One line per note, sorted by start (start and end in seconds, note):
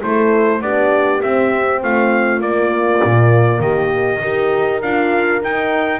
0.00 0.61 A3
0.00 0.60 E4
0.00 0.62 A4
0.00 0.61 C5
0.61 1.21 B3
0.61 1.22 D4
0.61 1.82 G4
0.61 1.21 D5
1.22 2.43 C4
1.22 1.83 C4
1.22 1.82 E5
1.82 2.40 A3
1.82 3.61 F4
1.82 2.41 F5
2.40 3.00 A#3
2.40 4.21 A#3
2.40 3.61 D5
3.04 3.59 A#2
3.59 4.19 D#3
3.59 4.20 G4
3.59 4.81 D#5
4.20 4.82 D#4
4.20 4.81 G4
4.20 5.99 A#4
4.82 5.42 D4
4.82 5.41 F4
4.82 5.42 F5
5.41 5.99 D#4
5.41 5.99 G5